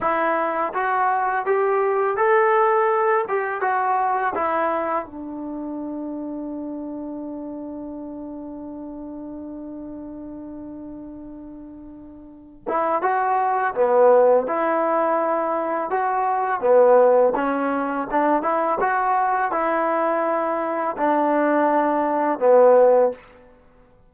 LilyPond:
\new Staff \with { instrumentName = "trombone" } { \time 4/4 \tempo 4 = 83 e'4 fis'4 g'4 a'4~ | a'8 g'8 fis'4 e'4 d'4~ | d'1~ | d'1~ |
d'4. e'8 fis'4 b4 | e'2 fis'4 b4 | cis'4 d'8 e'8 fis'4 e'4~ | e'4 d'2 b4 | }